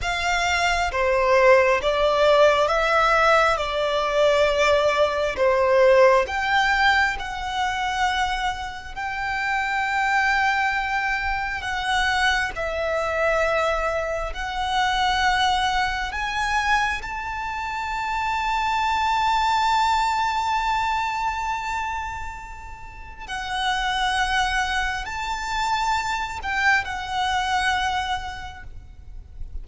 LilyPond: \new Staff \with { instrumentName = "violin" } { \time 4/4 \tempo 4 = 67 f''4 c''4 d''4 e''4 | d''2 c''4 g''4 | fis''2 g''2~ | g''4 fis''4 e''2 |
fis''2 gis''4 a''4~ | a''1~ | a''2 fis''2 | a''4. g''8 fis''2 | }